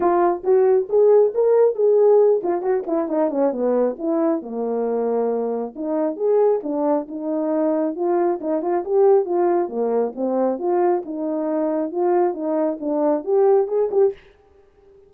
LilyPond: \new Staff \with { instrumentName = "horn" } { \time 4/4 \tempo 4 = 136 f'4 fis'4 gis'4 ais'4 | gis'4. f'8 fis'8 e'8 dis'8 cis'8 | b4 e'4 ais2~ | ais4 dis'4 gis'4 d'4 |
dis'2 f'4 dis'8 f'8 | g'4 f'4 ais4 c'4 | f'4 dis'2 f'4 | dis'4 d'4 g'4 gis'8 g'8 | }